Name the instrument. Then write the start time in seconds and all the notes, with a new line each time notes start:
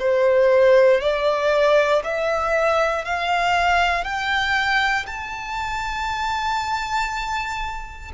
violin
0.00 C5
1.01 D5
2.04 E5
3.05 F5
4.04 G5
5.07 A5